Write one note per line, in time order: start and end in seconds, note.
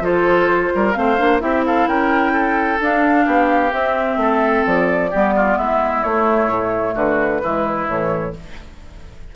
0.00 0.69 F3
0.00 0.93 F4
0.00 0.72 A4
0.00 0.92 C5
0.75 0.96 G3
0.75 0.97 A#4
0.92 1.19 A3
0.92 1.16 C4
0.92 1.42 C5
0.92 1.38 F5
1.17 1.42 A#3
1.17 1.39 D4
1.39 1.87 C4
1.39 2.78 E4
1.39 1.65 G4
1.39 1.63 E5
1.66 1.88 A4
1.66 1.87 F5
1.87 2.79 C#4
1.87 2.32 A#4
1.87 2.80 G5
2.32 3.24 A4
2.80 3.71 D4
2.80 3.26 D4
2.80 3.72 F5
3.25 3.72 B3
3.25 4.17 G4
3.71 5.09 C4
3.71 4.16 C4
3.71 4.64 E5
4.16 4.62 A3
4.16 5.10 A4
4.66 5.12 F3
4.66 5.57 D5
5.10 5.57 G3
5.10 6.05 B3
5.10 5.33 G4
5.36 5.57 F4
5.57 6.03 G#3
5.57 6.94 E4
5.57 6.03 E5
6.03 6.47 A3
6.03 7.43 A3
6.03 6.95 C#5
6.47 6.93 A2
6.94 7.41 D3
6.94 7.40 F#4
6.94 7.88 B4
7.43 7.87 E3
7.43 7.88 G#3
7.43 8.35 E4
7.87 8.34 A2
7.87 8.34 E3
7.87 8.34 C#5